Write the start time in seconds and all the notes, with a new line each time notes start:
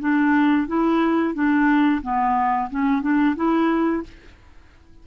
0.00 D4
0.68 E4
1.34 D4
2.02 B3
2.70 C#4
3.02 D4
3.36 E4